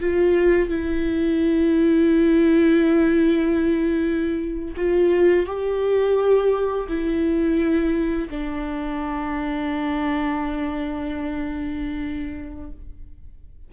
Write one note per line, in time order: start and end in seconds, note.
0.00 0.69 F4
0.69 4.75 E4
4.76 5.46 F4
5.46 6.87 G4
6.88 8.29 E4
8.29 12.71 D4